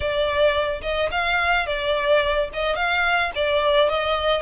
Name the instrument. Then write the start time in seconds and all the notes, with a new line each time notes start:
violin
0.00 D5
0.81 D#5
1.11 F5
1.66 D5
2.53 D#5
2.75 F5
3.35 D5
3.89 D#5